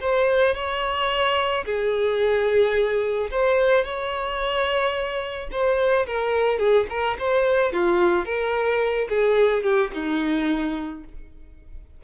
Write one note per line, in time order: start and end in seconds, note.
0.00 0.54 C5
0.54 1.64 C#5
1.65 3.30 G#4
3.30 3.84 C5
3.84 5.49 C#5
5.51 6.06 C5
6.06 6.58 A#4
6.58 6.86 G#4
6.89 7.17 A#4
7.18 7.72 C5
7.72 8.25 F4
8.25 9.07 A#4
9.09 9.63 G#4
9.63 9.90 G4
9.94 11.04 D#4